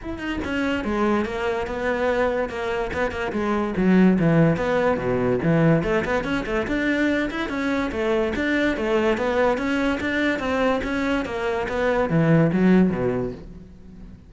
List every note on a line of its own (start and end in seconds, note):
0.02 0.18 E4
0.18 0.39 D#4
0.44 0.84 C#4
0.84 1.25 G#3
1.25 1.66 A#3
1.67 2.49 B3
2.49 2.90 A#3
2.93 3.11 B3
3.11 3.32 A#3
3.32 3.74 G#3
3.77 4.18 F#3
4.19 4.56 E3
4.56 4.97 B3
4.97 5.39 B2
5.42 5.83 E3
5.83 6.04 A3
6.05 6.24 B3
6.24 6.45 C#4
6.45 6.66 A3
6.67 7.29 D4
7.30 7.49 E4
7.49 7.91 C#4
7.91 8.33 A3
8.35 8.76 D4
8.76 9.17 A3
9.17 9.57 B3
9.57 9.99 C#4
10.00 10.39 D4
10.39 10.80 C4
10.83 11.25 C#4
11.25 11.67 A#3
11.68 12.09 B3
12.09 12.51 E3
12.52 12.90 F#3
12.90 13.32 B2